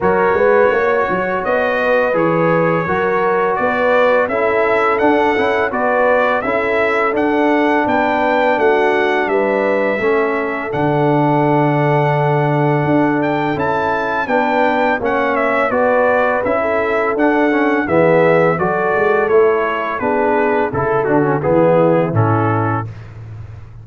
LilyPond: <<
  \new Staff \with { instrumentName = "trumpet" } { \time 4/4 \tempo 4 = 84 cis''2 dis''4 cis''4~ | cis''4 d''4 e''4 fis''4 | d''4 e''4 fis''4 g''4 | fis''4 e''2 fis''4~ |
fis''2~ fis''8 g''8 a''4 | g''4 fis''8 e''8 d''4 e''4 | fis''4 e''4 d''4 cis''4 | b'4 a'8 fis'8 gis'4 a'4 | }
  \new Staff \with { instrumentName = "horn" } { \time 4/4 ais'8 b'8 cis''4. b'4. | ais'4 b'4 a'2 | b'4 a'2 b'4 | fis'4 b'4 a'2~ |
a'1 | b'4 cis''4 b'4~ b'16 a'8.~ | a'4 gis'4 a'2 | gis'4 a'4 e'2 | }
  \new Staff \with { instrumentName = "trombone" } { \time 4/4 fis'2. gis'4 | fis'2 e'4 d'8 e'8 | fis'4 e'4 d'2~ | d'2 cis'4 d'4~ |
d'2. e'4 | d'4 cis'4 fis'4 e'4 | d'8 cis'8 b4 fis'4 e'4 | d'4 e'8 d'16 cis'16 b4 cis'4 | }
  \new Staff \with { instrumentName = "tuba" } { \time 4/4 fis8 gis8 ais8 fis8 b4 e4 | fis4 b4 cis'4 d'8 cis'8 | b4 cis'4 d'4 b4 | a4 g4 a4 d4~ |
d2 d'4 cis'4 | b4 ais4 b4 cis'4 | d'4 e4 fis8 gis8 a4 | b4 cis8 d8 e4 a,4 | }
>>